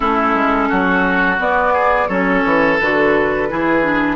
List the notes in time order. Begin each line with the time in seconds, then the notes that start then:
0.00 A3 C#4 E4 A4
0.34 G#3
0.68 F#3 F#4
1.38 B3 D5
1.73 G#4
2.08 F#3 C#4 A4 C#5
2.44 E3
2.79 D3 F#4 B4
3.49 E3 E4 G#4
3.82 D4